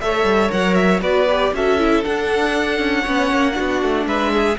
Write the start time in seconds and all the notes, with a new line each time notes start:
0.00 A3 A4 C#5 E5
0.24 G3
0.49 F#3 A#4 F#5
0.74 E5
1.01 B3 F#4 B4 D5
1.29 G4
1.52 C#4 F#4 A4 E5
1.79 E4
2.03 D4 F#5
2.78 C#4
3.02 B3 C#4 C#5
3.32 A#3
3.52 D4 F#4
3.59 B3
3.82 A3
4.06 G#3 B4 E5
4.33 G#4